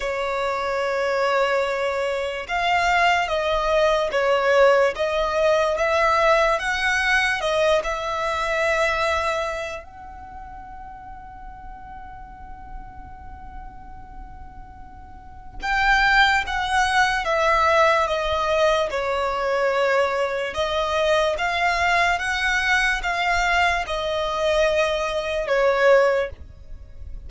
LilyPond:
\new Staff \with { instrumentName = "violin" } { \time 4/4 \tempo 4 = 73 cis''2. f''4 | dis''4 cis''4 dis''4 e''4 | fis''4 dis''8 e''2~ e''8 | fis''1~ |
fis''2. g''4 | fis''4 e''4 dis''4 cis''4~ | cis''4 dis''4 f''4 fis''4 | f''4 dis''2 cis''4 | }